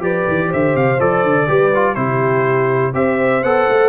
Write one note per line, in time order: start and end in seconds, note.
0.00 0.24 F3
0.00 0.98 G4
0.00 0.48 B4
0.00 0.52 D5
0.28 0.52 E3
0.48 0.75 D3
0.48 1.46 C5
0.48 0.76 E5
0.75 0.99 C3
0.75 1.00 F5
0.99 1.23 F3
0.99 1.47 A4
0.99 1.94 D5
1.23 1.48 D3
1.47 1.96 G3
1.47 1.72 G4
1.47 1.96 B4
1.74 1.96 F4
1.94 2.93 C3
1.94 2.93 E4
1.94 2.94 G4
1.94 2.92 C5
2.93 3.43 C4
2.93 3.42 G4
2.93 3.89 C5
2.93 3.43 E5
3.43 3.67 B3
3.43 3.89 A4
3.43 3.89 F#5
3.69 3.89 A3